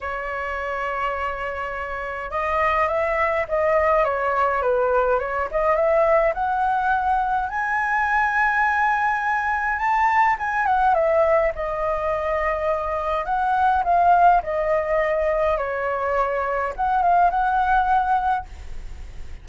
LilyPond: \new Staff \with { instrumentName = "flute" } { \time 4/4 \tempo 4 = 104 cis''1 | dis''4 e''4 dis''4 cis''4 | b'4 cis''8 dis''8 e''4 fis''4~ | fis''4 gis''2.~ |
gis''4 a''4 gis''8 fis''8 e''4 | dis''2. fis''4 | f''4 dis''2 cis''4~ | cis''4 fis''8 f''8 fis''2 | }